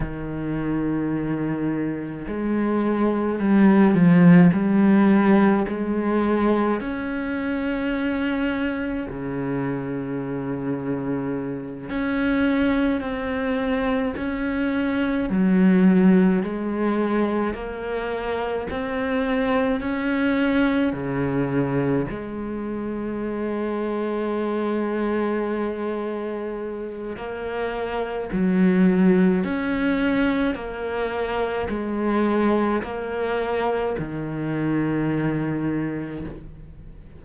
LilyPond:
\new Staff \with { instrumentName = "cello" } { \time 4/4 \tempo 4 = 53 dis2 gis4 g8 f8 | g4 gis4 cis'2 | cis2~ cis8 cis'4 c'8~ | c'8 cis'4 fis4 gis4 ais8~ |
ais8 c'4 cis'4 cis4 gis8~ | gis1 | ais4 fis4 cis'4 ais4 | gis4 ais4 dis2 | }